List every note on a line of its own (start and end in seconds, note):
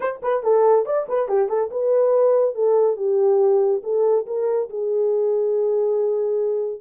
0.00 0.20 C5
0.22 0.43 B4
0.43 0.85 A4
0.85 1.06 D5
1.08 1.28 B4
1.28 1.48 G4
1.48 1.69 A4
1.71 2.54 B4
2.54 2.96 A4
2.96 3.81 G4
3.83 4.26 A4
4.26 4.69 A#4
4.69 6.80 G#4